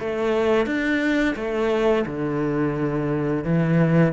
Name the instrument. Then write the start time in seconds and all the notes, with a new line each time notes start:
cello
0.00 A3
0.66 D4
1.36 A3
2.06 D3
3.44 E3